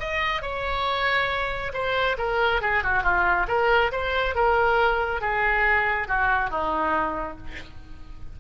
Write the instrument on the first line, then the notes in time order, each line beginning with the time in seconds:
oboe
0.00 D#5
0.42 C#5
1.74 C5
2.18 A#4
2.62 G#4
2.84 F#4
3.04 F4
3.48 A#4
3.92 C5
4.36 A#4
5.21 G#4
6.08 F#4
6.51 D#4